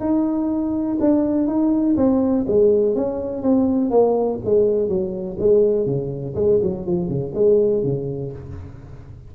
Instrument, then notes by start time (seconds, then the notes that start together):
tuba
0.00 D#4
1.00 D4
1.47 D#4
1.96 C4
2.48 G#3
2.95 C#4
3.42 C4
3.90 A#3
4.45 G#3
4.88 F#3
5.39 G#3
5.86 C#3
6.35 G#3
6.62 F#3
6.86 F3
7.08 C#3
7.34 G#3
7.83 C#3